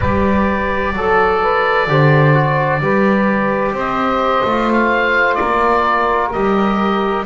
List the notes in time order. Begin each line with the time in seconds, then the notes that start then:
0.00 G3 G4 B4 D5
0.93 F#3 A4
1.41 B4
1.87 D3 G4 C5
2.34 F#4
2.80 G3 G4 B4
3.71 C4 C5
3.78 D#5
4.44 A3 F4
4.72 F5
5.34 A#3 A#4 D5
6.32 G3 G4 D#5